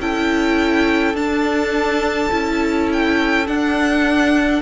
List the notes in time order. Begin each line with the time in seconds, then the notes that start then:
0.00 C#4 E4 A4 G5
1.14 D4 A5
2.31 C#4 E4
2.93 G5
3.47 D4 F#5